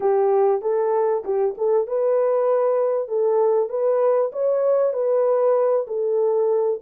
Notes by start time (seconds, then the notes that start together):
0.00 G4
0.61 A4
1.24 G4
1.57 A4
1.87 B4
3.08 A4
3.69 B4
4.32 C#5
4.93 B4
5.87 A4